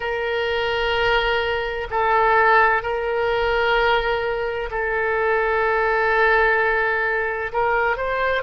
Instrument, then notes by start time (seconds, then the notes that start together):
oboe
0.00 A#4
1.90 A4
2.82 A#4
4.70 A4
7.52 A#4
7.96 C5